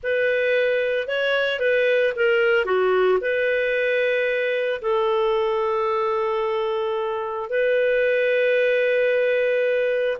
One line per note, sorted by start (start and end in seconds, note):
0.03 1.07 B4
1.07 1.59 C#5
1.59 2.13 B4
2.16 2.65 A#4
2.65 3.18 F#4
3.20 4.81 B4
4.81 7.49 A4
7.49 10.17 B4